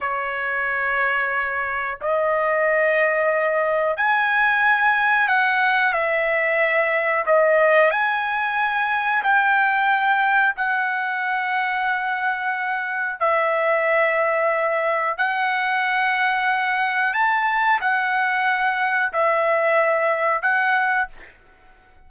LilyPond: \new Staff \with { instrumentName = "trumpet" } { \time 4/4 \tempo 4 = 91 cis''2. dis''4~ | dis''2 gis''2 | fis''4 e''2 dis''4 | gis''2 g''2 |
fis''1 | e''2. fis''4~ | fis''2 a''4 fis''4~ | fis''4 e''2 fis''4 | }